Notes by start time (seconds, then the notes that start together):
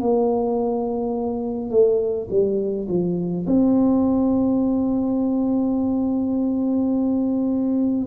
0.00 A#3
1.70 A3
2.30 G3
2.88 F3
3.47 C4